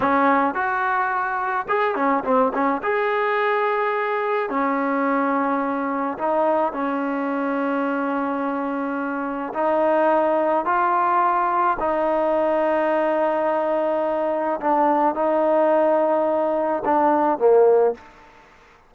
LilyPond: \new Staff \with { instrumentName = "trombone" } { \time 4/4 \tempo 4 = 107 cis'4 fis'2 gis'8 cis'8 | c'8 cis'8 gis'2. | cis'2. dis'4 | cis'1~ |
cis'4 dis'2 f'4~ | f'4 dis'2.~ | dis'2 d'4 dis'4~ | dis'2 d'4 ais4 | }